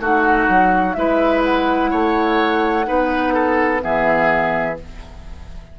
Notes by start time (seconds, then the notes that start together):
0.00 A3 D#4 F#4 F#5
0.48 F#3
0.94 G#3 E4 B4 E5
1.44 F#5
1.91 A3 C#5
2.85 B3 D#4 B4
3.34 A4
3.79 E3 B3 G#4 E5